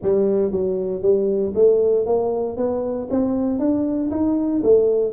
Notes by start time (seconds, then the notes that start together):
0.02 G3
0.51 F#3
1.01 G3
1.55 A3
2.06 A#3
2.56 B3
3.10 C4
3.59 D4
4.10 D#4
4.63 A3